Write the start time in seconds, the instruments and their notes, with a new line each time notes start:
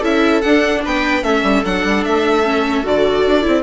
0.00 bassoon C#4, viola E4 A4, violin E5
0.42 viola D4, bassoon D4, violin F#5
0.85 bassoon B3, viola B4, violin G5
1.23 bassoon A3, viola C#4 A4, violin E5
1.43 bassoon G3
1.65 bassoon F#3, viola D4, violin F#5
1.85 bassoon G3
2.05 bassoon A3, violin E5
2.44 viola C#4
2.84 bassoon D3, viola F#4, violin D5
3.27 bassoon D4
3.42 bassoon C4, viola E4